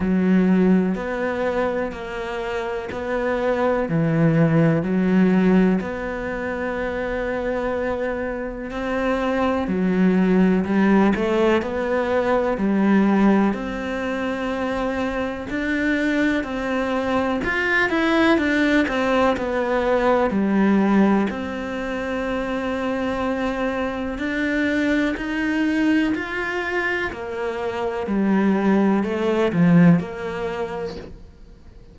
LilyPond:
\new Staff \with { instrumentName = "cello" } { \time 4/4 \tempo 4 = 62 fis4 b4 ais4 b4 | e4 fis4 b2~ | b4 c'4 fis4 g8 a8 | b4 g4 c'2 |
d'4 c'4 f'8 e'8 d'8 c'8 | b4 g4 c'2~ | c'4 d'4 dis'4 f'4 | ais4 g4 a8 f8 ais4 | }